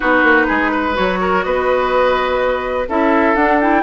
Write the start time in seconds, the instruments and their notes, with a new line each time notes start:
0.00 bassoon B3, clarinet D#4, oboe F#4, flute B4
0.22 bassoon A#3
0.47 bassoon G#3, oboe G#4
0.71 oboe B4
0.94 bassoon F#3, clarinet F#4, flute C#5
1.20 oboe A#4
1.43 bassoon B3, oboe B4, flute D#5
2.88 bassoon C#4, clarinet E4, oboe A4, flute E5
3.35 bassoon D4, clarinet D4, flute F#5
3.60 clarinet E4, flute G5